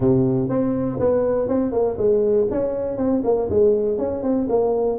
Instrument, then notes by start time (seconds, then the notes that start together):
tuba
0.00 C3
0.49 C4
0.99 B3
1.48 C4
1.72 A#3
1.97 G#3
2.50 C#4
2.97 C4
3.24 A#3
3.50 G#3
3.98 C#4
4.22 C4
4.49 A#3